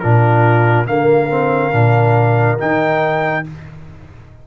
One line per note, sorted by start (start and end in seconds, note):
0.00 0.87 A#2
0.00 0.86 D4
0.00 0.88 F4
0.00 0.86 A#4
0.86 1.73 D3
0.86 1.29 A#3
0.86 3.46 A#4
0.86 2.59 F5
1.29 1.72 C4
1.72 2.58 A#2
1.72 2.58 D4
2.58 3.47 D#3
2.58 3.44 D#4
2.58 3.46 G5